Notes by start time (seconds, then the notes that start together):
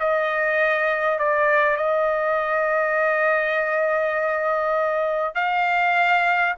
0.00 D#5
1.19 D5
1.77 D#5
5.35 F5